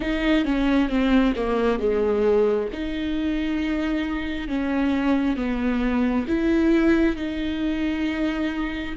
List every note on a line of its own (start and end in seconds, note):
0.00 0.45 D#4
0.45 0.89 C#4
0.89 1.34 C4
1.36 1.79 A#3
1.79 2.68 G#3
2.72 4.48 D#4
4.48 5.36 C#4
5.36 6.26 B3
6.27 7.16 E4
7.16 8.95 D#4